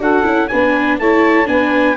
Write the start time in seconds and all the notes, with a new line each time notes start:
0.00 D4 F#4 A4 F#5
0.24 C#4 E4
0.48 B3 D4 B4 G#5
0.99 A3 E4 C#5 A5
1.46 B3 D4 B4 G#5